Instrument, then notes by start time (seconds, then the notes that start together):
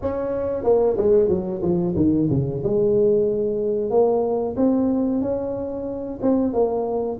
tuba
0.01 C#4
0.63 A#3
0.97 G#3
1.29 F#3
1.62 F3
1.96 D#3
2.30 C#3
2.63 G#3
3.90 A#3
4.56 C4
5.21 C#4
6.21 C4
6.53 A#3